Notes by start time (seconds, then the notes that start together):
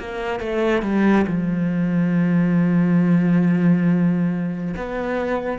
0.00 A#3
0.40 A3
0.83 G3
1.27 F3
4.77 B3